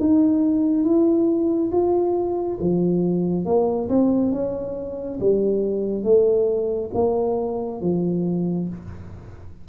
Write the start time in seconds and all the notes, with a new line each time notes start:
0.00 D#4
0.84 E4
1.71 F4
2.60 F3
3.45 A#3
3.89 C4
4.32 C#4
5.20 G3
6.04 A3
6.94 A#3
7.81 F3